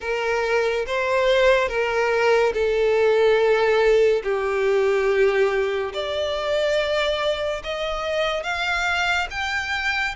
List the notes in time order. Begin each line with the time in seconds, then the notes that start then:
0.00 A#4
0.86 C5
1.68 A#4
2.53 A4
4.23 G4
5.93 D5
7.63 D#5
8.43 F5
9.30 G5